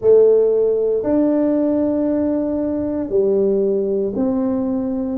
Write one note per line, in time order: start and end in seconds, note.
0.00 1.03 A3
1.03 3.09 D4
3.09 4.12 G3
4.15 5.18 C4